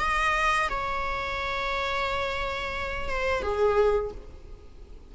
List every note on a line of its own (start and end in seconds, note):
0.00 0.69 D#5
0.70 3.09 C#5
3.09 3.43 C5
3.43 4.12 G#4